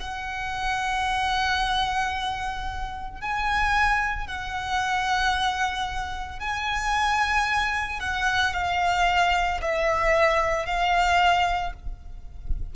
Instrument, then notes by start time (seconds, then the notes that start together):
violin
0.00 F#5
3.21 G#5
4.27 F#5
6.40 G#5
8.00 F#5
8.54 F5
9.61 E5
10.66 F5